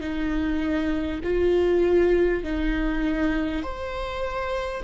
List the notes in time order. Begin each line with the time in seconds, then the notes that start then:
0.00 D#4
1.23 F4
2.43 D#4
3.62 C5